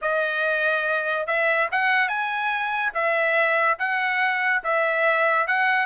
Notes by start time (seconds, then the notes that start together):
0.01 D#5
1.26 E5
1.71 F#5
2.08 G#5
2.94 E5
3.78 F#5
4.63 E5
5.47 F#5